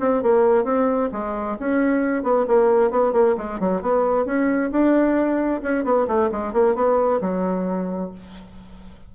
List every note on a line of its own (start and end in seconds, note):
0.00 0.23 C4
0.23 0.64 A#3
0.64 1.09 C4
1.12 1.57 G#3
1.60 2.23 C#4
2.23 2.46 B3
2.47 2.91 A#3
2.91 3.13 B3
3.13 3.35 A#3
3.37 3.60 G#3
3.60 3.82 F#3
3.82 4.25 B3
4.25 4.70 C#4
4.71 5.61 D4
5.63 5.84 C#4
5.84 6.07 B3
6.07 6.30 A3
6.31 6.53 G#3
6.53 6.75 A#3
6.75 7.20 B3
7.21 8.11 F#3